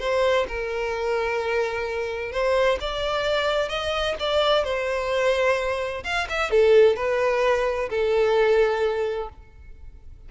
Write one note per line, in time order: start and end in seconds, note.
0.00 0.47 C5
0.48 2.32 A#4
2.32 2.79 C5
2.81 3.69 D5
3.69 4.15 D#5
4.20 4.64 D5
4.64 6.04 C5
6.04 6.27 F5
6.30 6.51 E5
6.51 6.96 A4
6.96 7.89 B4
7.90 9.29 A4